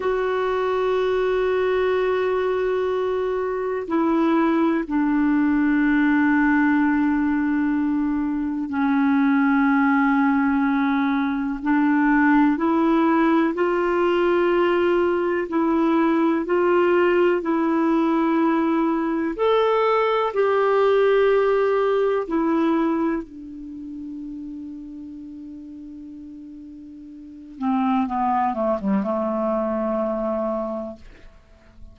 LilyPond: \new Staff \with { instrumentName = "clarinet" } { \time 4/4 \tempo 4 = 62 fis'1 | e'4 d'2.~ | d'4 cis'2. | d'4 e'4 f'2 |
e'4 f'4 e'2 | a'4 g'2 e'4 | d'1~ | d'8 c'8 b8 a16 g16 a2 | }